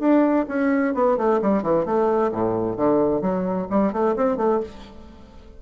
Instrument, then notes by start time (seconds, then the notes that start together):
bassoon
0.00 D4
0.49 C#4
0.95 B3
1.18 A3
1.42 G3
1.63 E3
1.86 A3
2.32 A2
2.77 D3
3.22 F#3
3.71 G3
3.93 A3
4.17 C4
4.38 A3